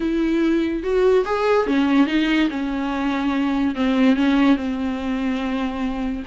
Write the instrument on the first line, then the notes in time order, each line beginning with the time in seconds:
viola
0.00 E4
0.83 F#4
1.25 G#4
1.66 C#4
2.07 D#4
2.50 C#4
3.75 C4
4.16 C#4
4.56 C4